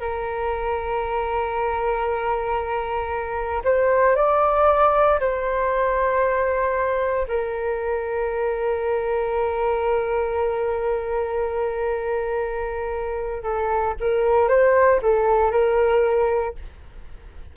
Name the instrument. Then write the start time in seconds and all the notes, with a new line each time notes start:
flute
0.00 A#4
3.64 C5
4.16 D5
5.20 C5
7.27 A#4
13.43 A4
14.00 A#4
14.49 C5
15.02 A4
15.51 A#4